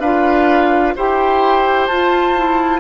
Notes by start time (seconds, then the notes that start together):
0.00 D4 F4 B4 F5
0.96 E4 G4 C5 G5
1.87 F4 A5
2.36 E4